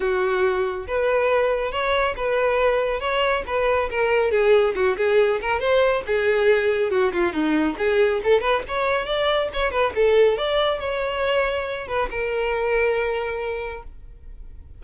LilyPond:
\new Staff \with { instrumentName = "violin" } { \time 4/4 \tempo 4 = 139 fis'2 b'2 | cis''4 b'2 cis''4 | b'4 ais'4 gis'4 fis'8 gis'8~ | gis'8 ais'8 c''4 gis'2 |
fis'8 f'8 dis'4 gis'4 a'8 b'8 | cis''4 d''4 cis''8 b'8 a'4 | d''4 cis''2~ cis''8 b'8 | ais'1 | }